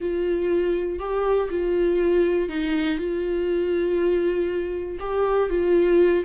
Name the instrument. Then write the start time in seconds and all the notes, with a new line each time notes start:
viola
0.00 F4
0.99 G4
1.50 F4
2.48 D#4
2.98 F4
4.99 G4
5.49 F4